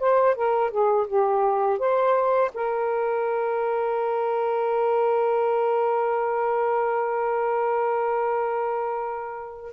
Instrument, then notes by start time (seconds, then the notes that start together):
saxophone
0.00 C5
0.35 A#4
0.71 G#4
1.08 G4
1.79 C5
2.54 A#4